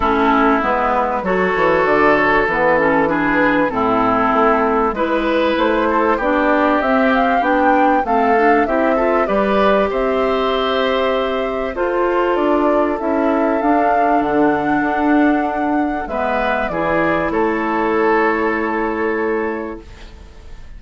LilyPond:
<<
  \new Staff \with { instrumentName = "flute" } { \time 4/4 \tempo 4 = 97 a'4 b'4 cis''4 d''8 cis''8 | b'8 a'8 b'4 a'2 | b'4 c''4 d''4 e''8 f''8 | g''4 f''4 e''4 d''4 |
e''2. c''4 | d''4 e''4 f''4 fis''4~ | fis''2 e''4 d''4 | cis''1 | }
  \new Staff \with { instrumentName = "oboe" } { \time 4/4 e'2 a'2~ | a'4 gis'4 e'2 | b'4. a'8 g'2~ | g'4 a'4 g'8 a'8 b'4 |
c''2. a'4~ | a'1~ | a'2 b'4 gis'4 | a'1 | }
  \new Staff \with { instrumentName = "clarinet" } { \time 4/4 cis'4 b4 fis'2 | b8 cis'8 d'4 c'2 | e'2 d'4 c'4 | d'4 c'8 d'8 e'8 f'8 g'4~ |
g'2. f'4~ | f'4 e'4 d'2~ | d'2 b4 e'4~ | e'1 | }
  \new Staff \with { instrumentName = "bassoon" } { \time 4/4 a4 gis4 fis8 e8 d4 | e2 a,4 a4 | gis4 a4 b4 c'4 | b4 a4 c'4 g4 |
c'2. f'4 | d'4 cis'4 d'4 d4 | d'2 gis4 e4 | a1 | }
>>